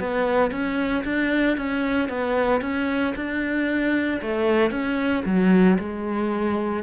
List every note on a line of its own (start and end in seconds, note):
0.00 0.52 B3
0.52 1.04 C#4
1.05 1.58 D4
1.58 2.10 C#4
2.10 2.62 B3
2.62 3.14 C#4
3.16 4.21 D4
4.22 4.71 A3
4.71 5.24 C#4
5.26 5.78 F#3
5.79 6.84 G#3